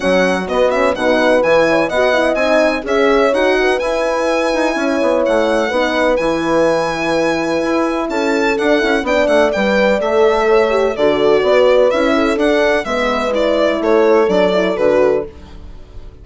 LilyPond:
<<
  \new Staff \with { instrumentName = "violin" } { \time 4/4 \tempo 4 = 126 fis''4 dis''8 e''8 fis''4 gis''4 | fis''4 gis''4 e''4 fis''4 | gis''2. fis''4~ | fis''4 gis''2.~ |
gis''4 a''4 fis''4 g''8 fis''8 | g''4 e''2 d''4~ | d''4 e''4 fis''4 e''4 | d''4 cis''4 d''4 b'4 | }
  \new Staff \with { instrumentName = "horn" } { \time 4/4 fis'2 b'4. cis''8 | dis''2 cis''4. b'8~ | b'2 cis''2 | b'1~ |
b'4 a'2 d''4~ | d''2 cis''4 a'4 | b'4. a'4. b'4~ | b'4 a'2. | }
  \new Staff \with { instrumentName = "horn" } { \time 4/4 cis'4 b8 cis'8 dis'4 e'4 | fis'8 e'8 dis'4 gis'4 fis'4 | e'1 | dis'4 e'2.~ |
e'2 d'8 e'8 d'4 | b'4 a'4. g'8 fis'4~ | fis'4 e'4 d'4 b4 | e'2 d'8 e'8 fis'4 | }
  \new Staff \with { instrumentName = "bassoon" } { \time 4/4 fis4 b4 b,4 e4 | b4 c'4 cis'4 dis'4 | e'4. dis'8 cis'8 b8 a4 | b4 e2. |
e'4 cis'4 d'8 cis'8 b8 a8 | g4 a2 d4 | b4 cis'4 d'4 gis4~ | gis4 a4 fis4 d4 | }
>>